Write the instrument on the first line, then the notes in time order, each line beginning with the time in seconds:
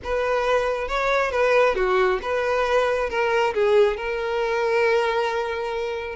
violin
0.03 B4
0.88 C#5
1.31 B4
1.75 F#4
2.22 B4
3.09 A#4
3.54 G#4
3.97 A#4